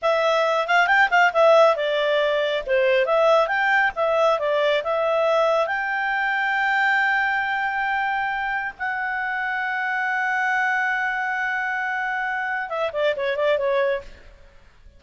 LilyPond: \new Staff \with { instrumentName = "clarinet" } { \time 4/4 \tempo 4 = 137 e''4. f''8 g''8 f''8 e''4 | d''2 c''4 e''4 | g''4 e''4 d''4 e''4~ | e''4 g''2.~ |
g''1 | fis''1~ | fis''1~ | fis''4 e''8 d''8 cis''8 d''8 cis''4 | }